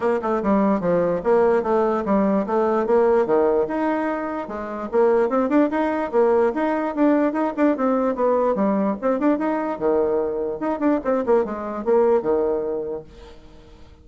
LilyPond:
\new Staff \with { instrumentName = "bassoon" } { \time 4/4 \tempo 4 = 147 ais8 a8 g4 f4 ais4 | a4 g4 a4 ais4 | dis4 dis'2 gis4 | ais4 c'8 d'8 dis'4 ais4 |
dis'4 d'4 dis'8 d'8 c'4 | b4 g4 c'8 d'8 dis'4 | dis2 dis'8 d'8 c'8 ais8 | gis4 ais4 dis2 | }